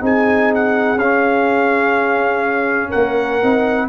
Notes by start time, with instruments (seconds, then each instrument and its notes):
0.00 tuba C4, trombone D#4, horn G#4, trumpet G#5
0.54 trumpet F#5
0.96 tuba C#4, trombone C#4, trumpet F5
2.89 tuba A#3, horn A#4, trumpet F#5
3.42 tuba C4, trombone D#4